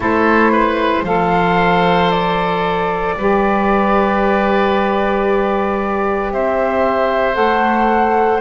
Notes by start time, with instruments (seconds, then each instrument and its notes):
0.00 double bass A3, saxophone E4, oboe A4, flute C5
0.52 oboe B4
1.02 double bass F3, saxophone A4, oboe C5, flute F5
2.10 flute D5
3.16 double bass G3, saxophone G4, oboe B4
6.31 double bass C4, oboe C5, flute E5
7.34 double bass A3, saxophone A4, flute F#5